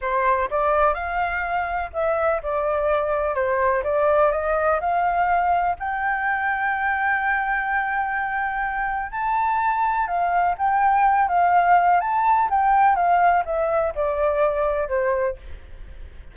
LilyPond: \new Staff \with { instrumentName = "flute" } { \time 4/4 \tempo 4 = 125 c''4 d''4 f''2 | e''4 d''2 c''4 | d''4 dis''4 f''2 | g''1~ |
g''2. a''4~ | a''4 f''4 g''4. f''8~ | f''4 a''4 g''4 f''4 | e''4 d''2 c''4 | }